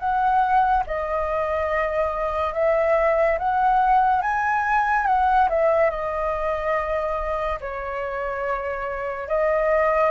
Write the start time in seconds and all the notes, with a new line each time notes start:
0.00 F#5
0.87 D#5
2.54 E5
3.39 F#5
4.22 G#5
5.07 F#5
5.50 E5
5.91 D#5
7.61 C#5
9.29 D#5